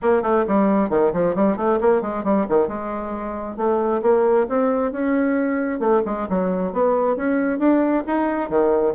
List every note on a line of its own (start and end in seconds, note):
0.01 0.22 A#3
0.22 0.44 A3
0.47 0.89 G3
0.89 1.12 D#3
1.13 1.35 F3
1.35 1.57 G3
1.57 1.79 A3
1.81 2.01 A#3
2.01 2.23 G#3
2.23 2.46 G3
2.48 2.67 D#3
2.67 3.56 G#3
3.56 4.01 A3
4.02 4.47 A#3
4.49 4.92 C4
4.92 5.79 C#4
5.79 6.02 A3
6.05 6.27 G#3
6.29 6.72 F#3
6.72 7.16 B3
7.16 7.58 C#4
7.58 8.03 D4
8.07 8.49 D#4
8.49 8.94 D#3